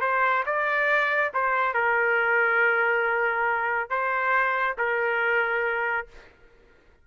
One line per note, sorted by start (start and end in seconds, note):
0.00 0.43 C5
0.45 1.32 D5
1.34 1.73 C5
1.73 3.89 A#4
3.89 4.76 C5
4.77 6.07 A#4